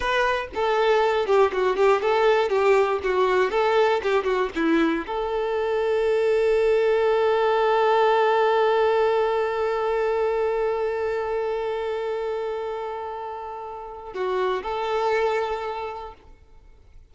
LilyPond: \new Staff \with { instrumentName = "violin" } { \time 4/4 \tempo 4 = 119 b'4 a'4. g'8 fis'8 g'8 | a'4 g'4 fis'4 a'4 | g'8 fis'8 e'4 a'2~ | a'1~ |
a'1~ | a'1~ | a'1 | fis'4 a'2. | }